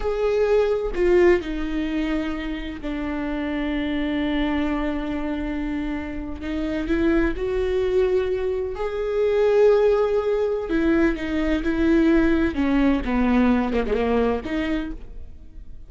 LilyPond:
\new Staff \with { instrumentName = "viola" } { \time 4/4 \tempo 4 = 129 gis'2 f'4 dis'4~ | dis'2 d'2~ | d'1~ | d'4.~ d'16 dis'4 e'4 fis'16~ |
fis'2~ fis'8. gis'4~ gis'16~ | gis'2. e'4 | dis'4 e'2 cis'4 | b4. ais16 gis16 ais4 dis'4 | }